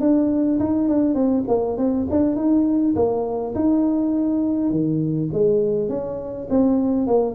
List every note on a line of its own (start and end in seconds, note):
0.00 0.59 D4
0.59 0.88 D#4
0.88 1.14 D4
1.14 1.44 C4
1.48 1.77 A#3
1.77 2.06 C4
2.10 2.36 D4
2.36 2.95 D#4
2.95 3.54 A#3
3.55 4.70 D#4
4.70 5.29 D#3
5.33 5.89 G#3
5.89 6.48 C#4
6.50 7.07 C4
7.07 7.34 A#3